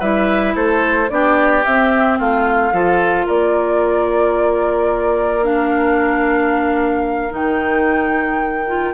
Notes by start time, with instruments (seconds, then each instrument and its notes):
0.00 bassoon G3, clarinet E4, oboe B4, flute E5
0.56 bassoon A3, oboe A4, flute C5
1.10 bassoon B3, clarinet D4, oboe G4, flute D5
1.65 bassoon C4, clarinet C4, flute E5
2.19 bassoon A3, oboe F4, flute F5
2.73 bassoon F3, clarinet F4, oboe A4
3.26 bassoon A#3, oboe A#4, flute D5
5.43 clarinet D4, flute F5
7.31 bassoon D#3, clarinet D#4, flute G5
8.68 clarinet F4